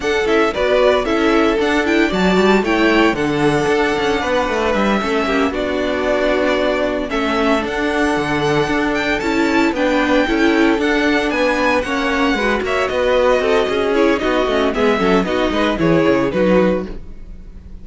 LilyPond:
<<
  \new Staff \with { instrumentName = "violin" } { \time 4/4 \tempo 4 = 114 fis''8 e''8 d''4 e''4 fis''8 g''8 | a''4 g''4 fis''2~ | fis''4 e''4. d''4.~ | d''4. e''4 fis''4.~ |
fis''4 g''8 a''4 g''4.~ | g''8 fis''4 gis''4 fis''4. | e''8 dis''2 cis''8 dis''4 | e''4 dis''4 cis''4 b'4 | }
  \new Staff \with { instrumentName = "violin" } { \time 4/4 a'4 b'4 a'2 | d''4 cis''4 a'2 | b'4. a'8 g'8 fis'4.~ | fis'4. a'2~ a'8~ |
a'2~ a'8 b'4 a'8~ | a'4. b'4 cis''4 b'8 | cis''8 b'4 a'8 gis'4 fis'4 | gis'8 a'8 fis'8 b'8 gis'4 fis'4 | }
  \new Staff \with { instrumentName = "viola" } { \time 4/4 d'8 e'8 fis'4 e'4 d'8 e'8 | fis'4 e'4 d'2~ | d'4. cis'4 d'4.~ | d'4. cis'4 d'4.~ |
d'4. e'4 d'4 e'8~ | e'8 d'2 cis'4 fis'8~ | fis'2~ fis'8 e'8 dis'8 cis'8 | b8 cis'8 dis'4 e'4 dis'4 | }
  \new Staff \with { instrumentName = "cello" } { \time 4/4 d'8 cis'8 b4 cis'4 d'4 | fis8 g8 a4 d4 d'8 cis'8 | b8 a8 g8 a8 ais8 b4.~ | b4. a4 d'4 d8~ |
d8 d'4 cis'4 b4 cis'8~ | cis'8 d'4 b4 ais4 gis8 | ais8 b4 c'8 cis'4 b8 a8 | gis8 fis8 b8 gis8 e8 cis8 fis4 | }
>>